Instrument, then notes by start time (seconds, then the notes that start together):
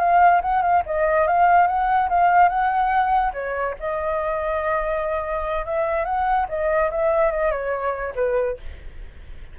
flute
0.00 F5
0.42 F#5
0.63 F5
0.87 D#5
1.28 F5
1.68 F#5
2.10 F5
2.49 F#5
3.34 C#5
3.80 D#5
5.66 E5
6.05 F#5
6.49 D#5
6.91 E5
7.32 D#5
7.52 C#5
8.16 B4